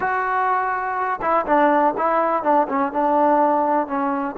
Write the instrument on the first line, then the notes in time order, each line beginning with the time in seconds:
trombone
0.00 F#4
1.21 E4
1.45 D4
1.97 E4
2.43 D4
2.68 C#4
2.92 D4
3.87 C#4